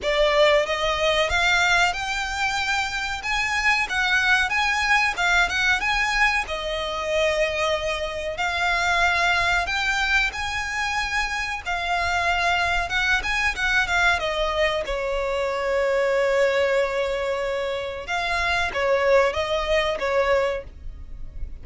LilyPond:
\new Staff \with { instrumentName = "violin" } { \time 4/4 \tempo 4 = 93 d''4 dis''4 f''4 g''4~ | g''4 gis''4 fis''4 gis''4 | f''8 fis''8 gis''4 dis''2~ | dis''4 f''2 g''4 |
gis''2 f''2 | fis''8 gis''8 fis''8 f''8 dis''4 cis''4~ | cis''1 | f''4 cis''4 dis''4 cis''4 | }